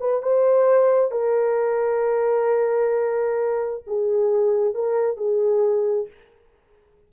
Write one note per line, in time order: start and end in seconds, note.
0.00 0.22 B4
0.22 1.11 C5
1.11 3.84 A#4
3.86 4.74 G#4
4.74 5.17 A#4
5.17 6.07 G#4